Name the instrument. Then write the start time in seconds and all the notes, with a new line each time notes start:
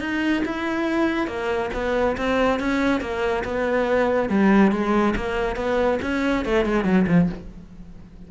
cello
0.00 D#4
0.45 E4
1.27 A#3
1.74 B3
2.17 C4
2.60 C#4
3.01 A#3
3.44 B3
4.29 G3
4.72 G#3
5.16 A#3
5.56 B3
6.02 C#4
6.45 A3
6.65 G#3
6.84 F#3
7.08 F3